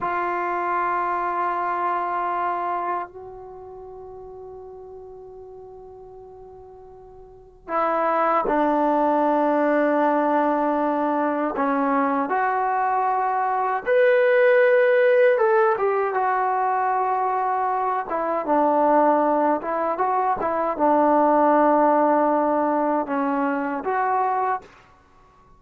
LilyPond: \new Staff \with { instrumentName = "trombone" } { \time 4/4 \tempo 4 = 78 f'1 | fis'1~ | fis'2 e'4 d'4~ | d'2. cis'4 |
fis'2 b'2 | a'8 g'8 fis'2~ fis'8 e'8 | d'4. e'8 fis'8 e'8 d'4~ | d'2 cis'4 fis'4 | }